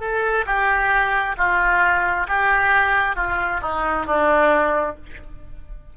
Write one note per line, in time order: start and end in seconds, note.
0.00 0.45 A4
0.46 1.36 G4
1.37 2.27 F4
2.28 3.16 G4
3.16 3.61 F4
3.61 4.06 D#4
4.06 4.96 D4